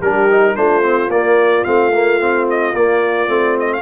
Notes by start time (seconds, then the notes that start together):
0.00 G3 D4 G4 A#4
0.31 D#4
0.56 A3 D4 F4 C5
0.83 C4
1.09 A#3 D5
1.64 A3 C4 F5
1.93 A#3
2.20 C4
2.51 D#5
2.74 A#3 D5
3.28 A3 C4
3.60 D#5
3.74 F5